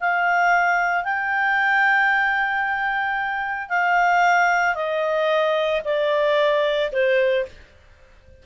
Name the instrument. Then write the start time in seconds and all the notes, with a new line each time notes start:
clarinet
0.00 F5
1.04 G5
3.69 F5
4.75 D#5
5.85 D5
6.92 C5